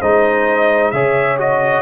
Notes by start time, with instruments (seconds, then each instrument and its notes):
0.00 tuba G#3, trombone D#4, horn C5, trumpet D#5
0.92 tuba C#3, trombone G#4, horn C#5, trumpet E5
1.39 trombone F#4, trumpet D#5